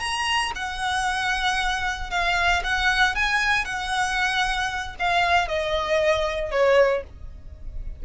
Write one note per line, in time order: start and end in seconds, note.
0.00 0.52 A#5
0.55 2.11 F#5
2.11 2.63 F5
2.64 3.15 F#5
3.15 3.65 G#5
3.65 4.96 F#5
4.99 5.48 F5
5.48 6.51 D#5
6.51 7.04 C#5